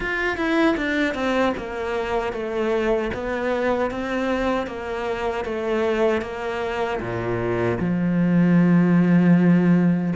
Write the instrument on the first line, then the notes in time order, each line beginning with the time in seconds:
cello
0.00 F4
0.36 E4
0.76 D4
1.14 C4
1.57 A#3
2.32 A3
3.13 B3
3.90 C4
4.66 A#3
5.44 A3
6.21 A#3
7.00 A#2
7.80 F3